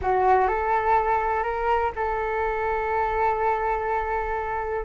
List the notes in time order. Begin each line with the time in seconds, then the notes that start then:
0.01 F#4
0.47 A4
1.43 A#4
1.95 A4